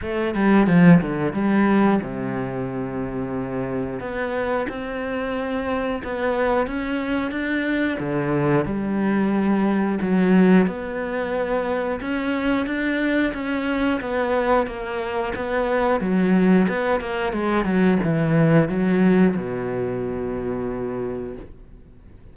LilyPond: \new Staff \with { instrumentName = "cello" } { \time 4/4 \tempo 4 = 90 a8 g8 f8 d8 g4 c4~ | c2 b4 c'4~ | c'4 b4 cis'4 d'4 | d4 g2 fis4 |
b2 cis'4 d'4 | cis'4 b4 ais4 b4 | fis4 b8 ais8 gis8 fis8 e4 | fis4 b,2. | }